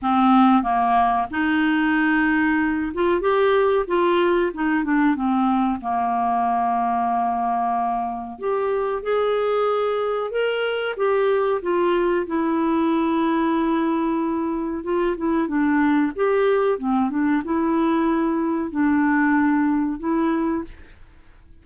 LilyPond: \new Staff \with { instrumentName = "clarinet" } { \time 4/4 \tempo 4 = 93 c'4 ais4 dis'2~ | dis'8 f'8 g'4 f'4 dis'8 d'8 | c'4 ais2.~ | ais4 g'4 gis'2 |
ais'4 g'4 f'4 e'4~ | e'2. f'8 e'8 | d'4 g'4 c'8 d'8 e'4~ | e'4 d'2 e'4 | }